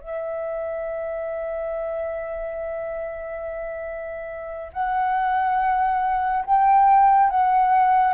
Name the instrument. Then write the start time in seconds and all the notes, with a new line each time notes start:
flute
0.00 E5
4.73 F#5
6.45 G5
7.29 F#5